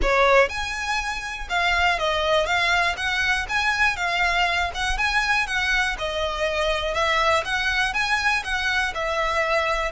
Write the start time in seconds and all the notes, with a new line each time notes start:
0.01 C#5
0.48 G#5
1.49 F5
1.98 D#5
2.45 F5
2.97 F#5
3.48 G#5
3.96 F5
4.74 F#5
4.97 G#5
5.47 F#5
5.98 D#5
6.94 E5
7.44 F#5
7.93 G#5
8.44 F#5
8.94 E5